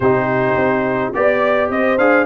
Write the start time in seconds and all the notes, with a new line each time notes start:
0.00 C3 D#4 G4 C5
0.56 C4
1.13 B3 G4 D5
1.69 C4 C5 D#5
1.98 D4 G#4 F5